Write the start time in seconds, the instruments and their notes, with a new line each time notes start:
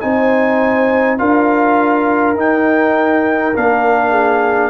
0.00 tuba C4, trombone D#4, horn C5, trumpet G#5
1.18 tuba D4, trombone F4, horn A#4, trumpet F5
2.35 tuba D#4, trombone D#4, trumpet G5
3.54 tuba A#3, trombone D4, trumpet F5
4.11 horn G#4